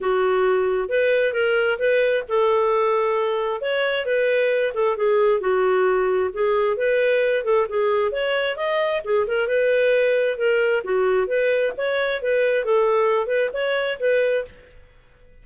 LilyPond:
\new Staff \with { instrumentName = "clarinet" } { \time 4/4 \tempo 4 = 133 fis'2 b'4 ais'4 | b'4 a'2. | cis''4 b'4. a'8 gis'4 | fis'2 gis'4 b'4~ |
b'8 a'8 gis'4 cis''4 dis''4 | gis'8 ais'8 b'2 ais'4 | fis'4 b'4 cis''4 b'4 | a'4. b'8 cis''4 b'4 | }